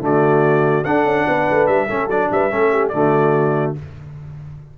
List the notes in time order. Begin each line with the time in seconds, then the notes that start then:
0.00 D3 A3 F#4 D5
0.84 D4 A4 F#5
1.04 C#4
1.26 B3 B4
1.50 A3
1.66 G3 E5
1.87 A3 C#4 A4
2.07 F#3 D4 D5
2.31 G3 B4 E5
2.50 A3 C#4 A4
2.72 G4
2.88 D3 A3 F#4 D5